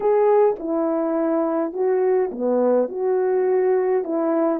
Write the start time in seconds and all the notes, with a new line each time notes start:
0.00 G#4
0.59 E4
1.73 F#4
2.31 B3
2.88 F#4
4.04 E4